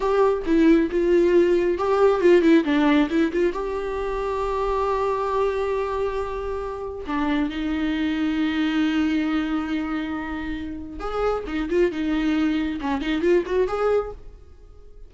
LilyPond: \new Staff \with { instrumentName = "viola" } { \time 4/4 \tempo 4 = 136 g'4 e'4 f'2 | g'4 f'8 e'8 d'4 e'8 f'8 | g'1~ | g'1 |
d'4 dis'2.~ | dis'1~ | dis'4 gis'4 dis'8 f'8 dis'4~ | dis'4 cis'8 dis'8 f'8 fis'8 gis'4 | }